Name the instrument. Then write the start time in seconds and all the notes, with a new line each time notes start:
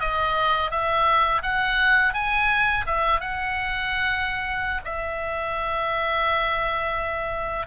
oboe
0.00 D#5
0.71 E5
1.43 F#5
2.14 G#5
2.86 E5
3.20 F#5
4.85 E5